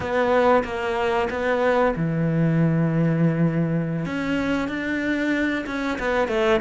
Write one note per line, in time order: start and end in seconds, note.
0.00 0.63 B3
0.64 1.28 A#3
1.29 1.94 B3
1.95 4.05 E3
4.05 4.68 C#4
4.68 5.65 D4
5.66 5.98 C#4
5.98 6.28 B3
6.28 6.60 A3